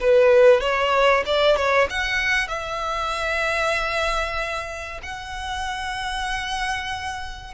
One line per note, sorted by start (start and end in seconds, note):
0.00 0.61 B4
0.61 1.24 C#5
1.26 1.56 D5
1.56 1.88 C#5
1.90 2.48 F#5
2.48 5.00 E5
5.03 7.54 F#5